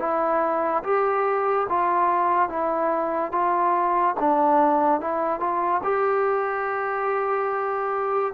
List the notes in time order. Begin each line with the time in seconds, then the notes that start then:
0.00 E4
0.84 G4
1.69 F4
2.49 E4
3.32 F4
4.20 D4
5.01 E4
5.40 F4
5.84 G4